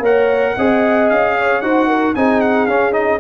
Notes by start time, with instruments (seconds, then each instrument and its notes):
0.00 tuba A#3, trombone A#4, horn C#5, trumpet F#5
0.57 tuba C4, trombone G#4, horn D#5
1.09 tuba C#4, trumpet F5
1.38 horn C#5
1.61 tuba D#4, trombone F#4, horn C5, trumpet F#5
1.87 horn A#4
2.15 tuba C4, trombone D#4, horn G#4, trumpet G#5
2.41 trumpet F#5
2.66 tuba C#4, trombone C#4, trumpet F5
2.92 trombone D#4, trumpet D#5